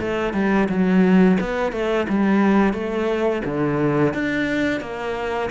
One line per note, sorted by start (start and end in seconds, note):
0.00 0.33 A3
0.33 0.68 G3
0.69 1.38 F#3
1.40 1.72 B3
1.72 2.06 A3
2.08 2.73 G3
2.73 3.42 A3
3.45 4.13 D3
4.13 4.80 D4
4.80 5.49 A#3